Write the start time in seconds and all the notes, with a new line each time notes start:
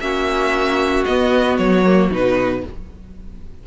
0.00 A#3 C#4 F#4 E5
1.05 B3 D#5
1.58 F#3 C#5
1.86 A#3
2.11 B2 D#4 B4